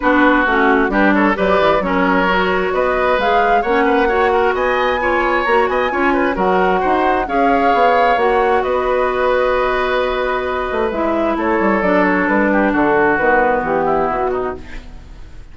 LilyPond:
<<
  \new Staff \with { instrumentName = "flute" } { \time 4/4 \tempo 4 = 132 b'4 fis'4 b'8 cis''8 d''4 | cis''2 dis''4 f''4 | fis''2 gis''2 | ais''8 gis''4. fis''2 |
f''2 fis''4 dis''4~ | dis''1 | e''4 cis''4 d''8 cis''8 b'4 | a'4 b'4 g'4 fis'4 | }
  \new Staff \with { instrumentName = "oboe" } { \time 4/4 fis'2 g'8 a'8 b'4 | ais'2 b'2 | cis''8 b'8 cis''8 ais'8 dis''4 cis''4~ | cis''8 dis''8 cis''8 b'8 ais'4 c''4 |
cis''2. b'4~ | b'1~ | b'4 a'2~ a'8 g'8 | fis'2~ fis'8 e'4 dis'8 | }
  \new Staff \with { instrumentName = "clarinet" } { \time 4/4 d'4 cis'4 d'4 g'4 | cis'4 fis'2 gis'4 | cis'4 fis'2 f'4 | fis'4 f'4 fis'2 |
gis'2 fis'2~ | fis'1 | e'2 d'2~ | d'4 b2. | }
  \new Staff \with { instrumentName = "bassoon" } { \time 4/4 b4 a4 g4 fis8 e8 | fis2 b4 gis4 | ais2 b2 | ais8 b8 cis'4 fis4 dis'4 |
cis'4 b4 ais4 b4~ | b2.~ b8 a8 | gis4 a8 g8 fis4 g4 | d4 dis4 e4 b,4 | }
>>